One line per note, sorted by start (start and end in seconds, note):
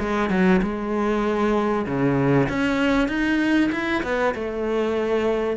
0.00 0.30 G#3
0.30 0.61 F#3
0.62 1.86 G#3
1.86 2.48 C#3
2.49 3.08 C#4
3.08 3.70 D#4
3.72 4.03 E4
4.03 4.34 B3
4.35 5.57 A3